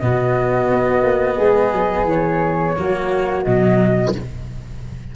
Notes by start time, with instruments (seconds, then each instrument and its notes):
0.00 tuba B2, cello B3, flute F#4 D#5
0.71 tuba B3
1.03 tuba A#3
1.37 tuba G#3, flute G#4
1.73 tuba F#3
2.05 tuba E3, flute C#5
2.77 tuba F#3, cello A#3, flute F#4
3.44 tuba B2, cello F#3, flute D#5